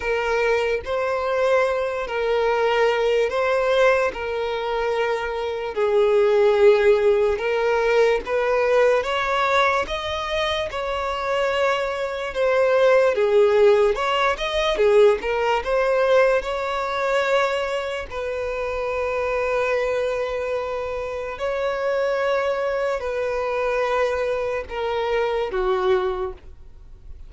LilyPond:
\new Staff \with { instrumentName = "violin" } { \time 4/4 \tempo 4 = 73 ais'4 c''4. ais'4. | c''4 ais'2 gis'4~ | gis'4 ais'4 b'4 cis''4 | dis''4 cis''2 c''4 |
gis'4 cis''8 dis''8 gis'8 ais'8 c''4 | cis''2 b'2~ | b'2 cis''2 | b'2 ais'4 fis'4 | }